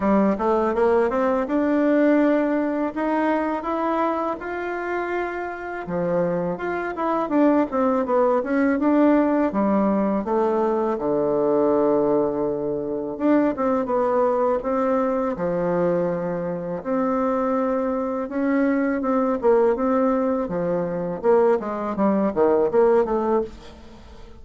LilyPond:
\new Staff \with { instrumentName = "bassoon" } { \time 4/4 \tempo 4 = 82 g8 a8 ais8 c'8 d'2 | dis'4 e'4 f'2 | f4 f'8 e'8 d'8 c'8 b8 cis'8 | d'4 g4 a4 d4~ |
d2 d'8 c'8 b4 | c'4 f2 c'4~ | c'4 cis'4 c'8 ais8 c'4 | f4 ais8 gis8 g8 dis8 ais8 a8 | }